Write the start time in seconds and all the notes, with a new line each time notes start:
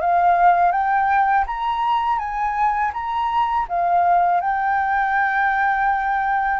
0.00 F5
0.72 G5
1.46 A#5
2.18 G#5
2.93 A#5
3.68 F5
4.40 G5